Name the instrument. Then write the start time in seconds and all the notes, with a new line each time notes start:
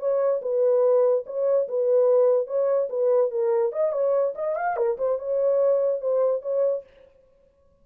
horn
0.00 C#5
0.43 B4
1.27 C#5
1.69 B4
2.48 C#5
2.90 B4
3.31 A#4
3.73 D#5
3.93 C#5
4.36 D#5
4.56 F5
4.77 A#4
4.98 C5
5.19 C#5
6.02 C5
6.43 C#5